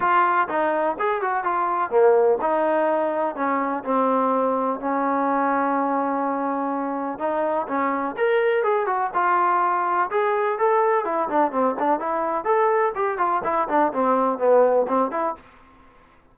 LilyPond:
\new Staff \with { instrumentName = "trombone" } { \time 4/4 \tempo 4 = 125 f'4 dis'4 gis'8 fis'8 f'4 | ais4 dis'2 cis'4 | c'2 cis'2~ | cis'2. dis'4 |
cis'4 ais'4 gis'8 fis'8 f'4~ | f'4 gis'4 a'4 e'8 d'8 | c'8 d'8 e'4 a'4 g'8 f'8 | e'8 d'8 c'4 b4 c'8 e'8 | }